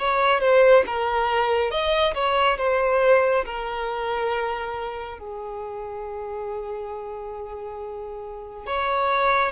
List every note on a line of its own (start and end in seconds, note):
0.00 0.41 C#5
0.41 0.84 C5
0.87 1.71 A#4
1.71 2.15 D#5
2.15 2.58 C#5
2.58 3.45 C5
3.45 5.19 A#4
5.19 8.67 G#4
8.67 9.52 C#5